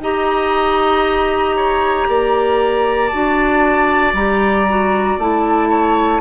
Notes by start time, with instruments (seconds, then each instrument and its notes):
0.00 bassoon D#4, clarinet G4, oboe D#5, flute A#5
1.56 oboe C#5
2.09 bassoon A#3, oboe D5
3.09 bassoon D4, clarinet F#4, flute A5
4.13 bassoon G3, clarinet G4, flute A#5
4.69 clarinet F#4
5.18 bassoon A3, clarinet E4, flute A5
5.69 oboe C#5